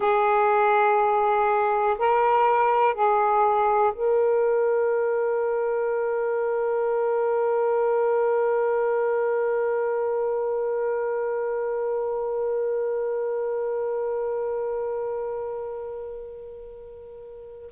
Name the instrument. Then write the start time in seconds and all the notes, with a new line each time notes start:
saxophone
0.00 G#4
1.98 A#4
2.94 G#4
3.94 A#4